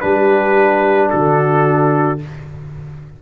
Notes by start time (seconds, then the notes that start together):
0.00 G3 D4 G4 B4
1.09 D3 F#4 A4